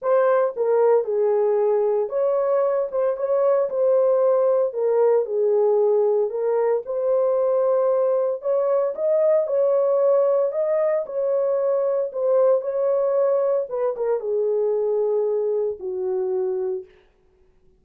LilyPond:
\new Staff \with { instrumentName = "horn" } { \time 4/4 \tempo 4 = 114 c''4 ais'4 gis'2 | cis''4. c''8 cis''4 c''4~ | c''4 ais'4 gis'2 | ais'4 c''2. |
cis''4 dis''4 cis''2 | dis''4 cis''2 c''4 | cis''2 b'8 ais'8 gis'4~ | gis'2 fis'2 | }